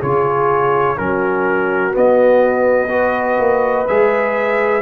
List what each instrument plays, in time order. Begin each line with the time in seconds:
0.00 tuba C#3, trombone F4, horn G#4, trumpet C#5
0.97 tuba F#3, trombone C#4, horn F#4, trumpet A#4
1.91 trombone B3, tuba B3, trumpet D#5
2.89 trombone F#4, horn B4
3.39 tuba A#3
3.87 tuba G#3, trombone G#4, trumpet E5